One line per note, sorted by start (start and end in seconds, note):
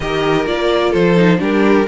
0.00 0.46 D#3
0.00 0.46 G4
0.00 0.90 A#4
0.00 0.46 D#5
0.46 0.93 A#3
0.46 1.16 F4
0.46 0.93 D5
0.90 1.40 F3
0.90 1.37 A4
0.90 1.40 C5
1.16 1.38 D#4
1.38 1.87 G3
1.38 1.84 D4
1.38 1.86 G4
1.38 1.87 A#4